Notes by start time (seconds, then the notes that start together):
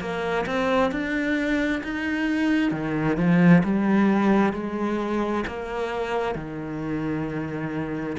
0.00 A#3
0.46 C4
0.91 D4
1.83 D#4
2.71 D#3
3.17 F3
3.64 G3
4.53 G#3
5.47 A#3
6.35 D#3